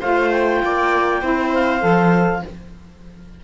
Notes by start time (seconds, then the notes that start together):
0.00 A3 F4 C5 F5
0.30 G5
0.63 A#3 D5
1.21 C4 E4 C5
1.54 F5
1.80 F3 A4